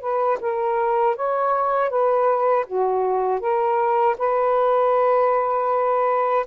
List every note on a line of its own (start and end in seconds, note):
0.00 0.38 B4
0.40 1.16 A#4
1.16 1.89 C#5
1.89 2.65 B4
2.66 3.40 F#4
3.40 4.16 A#4
4.18 6.46 B4